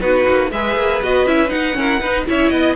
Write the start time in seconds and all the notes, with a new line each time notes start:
0.00 B3 D#4 F#4 B4
0.29 A#3
0.51 G#3 G#4 B4 E5
0.76 A#3
1.02 B3 F#4 D#5
1.26 C#4 E4 E5
1.49 D#4 F#5
1.73 C#4 E4 A#4
2.01 D#4 B4
2.27 C#4 E4 C#5 E5
2.50 B3 D#5